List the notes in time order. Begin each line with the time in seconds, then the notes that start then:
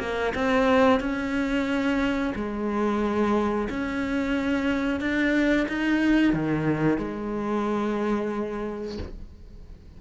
0.00 A#3
0.35 C4
1.00 C#4
2.35 G#3
3.70 C#4
5.01 D4
5.68 D#4
6.33 D#3
6.98 G#3